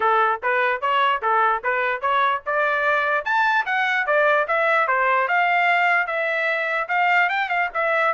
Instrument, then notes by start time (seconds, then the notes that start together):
trumpet
0.00 A4
0.43 B4
0.81 C#5
1.22 A4
1.63 B4
2.01 C#5
2.45 D5
3.24 A5
3.65 F#5
4.06 D5
4.47 E5
4.87 C5
5.28 F5
6.06 E5
6.88 F5
7.29 G5
7.49 F5
7.74 E5